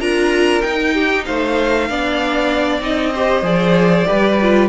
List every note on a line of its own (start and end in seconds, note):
0.00 0.63 D4
0.00 0.62 F4
0.00 0.94 A#4
0.00 0.62 A#5
0.62 1.27 D#4
0.62 1.89 D#4
0.62 1.24 G5
0.94 1.25 G4
1.25 1.89 A3
1.25 1.89 C5
1.25 2.81 F5
1.89 2.80 B3
1.89 2.80 D4
1.89 3.14 D5
2.80 3.42 C4
2.80 3.12 D#4
2.80 3.45 D#5
3.14 3.43 G4
3.14 4.07 C5
3.42 4.05 F3
3.42 4.05 G#4
3.42 4.69 D5
4.06 4.69 G3
4.06 4.37 G4
4.06 4.69 B4
4.42 4.69 F4